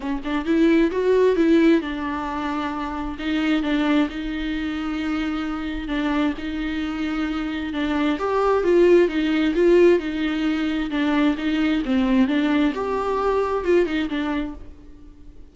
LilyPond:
\new Staff \with { instrumentName = "viola" } { \time 4/4 \tempo 4 = 132 cis'8 d'8 e'4 fis'4 e'4 | d'2. dis'4 | d'4 dis'2.~ | dis'4 d'4 dis'2~ |
dis'4 d'4 g'4 f'4 | dis'4 f'4 dis'2 | d'4 dis'4 c'4 d'4 | g'2 f'8 dis'8 d'4 | }